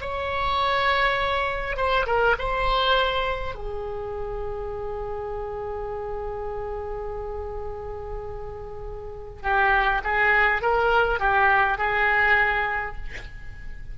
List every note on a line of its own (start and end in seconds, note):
0.00 1.76 C#5
1.76 2.05 C5
2.06 2.35 A#4
2.38 3.55 C5
3.55 9.42 G#4
9.42 10.01 G4
10.03 10.61 G#4
10.61 11.19 A#4
11.19 11.78 G4
11.78 12.95 G#4